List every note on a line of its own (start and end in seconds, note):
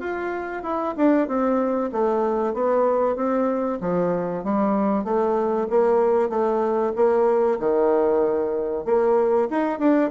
0.00 0.63 F4
0.63 0.95 E4
0.97 1.28 D4
1.28 1.91 C4
1.93 2.54 A3
2.54 3.16 B3
3.16 3.80 C4
3.81 4.44 F3
4.44 5.05 G3
5.05 5.68 A3
5.70 6.30 A#3
6.30 6.93 A3
6.96 7.59 A#3
7.60 8.85 D#3
8.85 9.49 A#3
9.51 9.79 D#4
9.79 10.11 D4